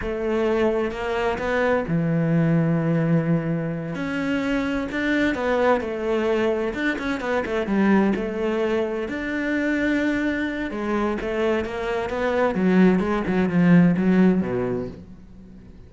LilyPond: \new Staff \with { instrumentName = "cello" } { \time 4/4 \tempo 4 = 129 a2 ais4 b4 | e1~ | e8 cis'2 d'4 b8~ | b8 a2 d'8 cis'8 b8 |
a8 g4 a2 d'8~ | d'2. gis4 | a4 ais4 b4 fis4 | gis8 fis8 f4 fis4 b,4 | }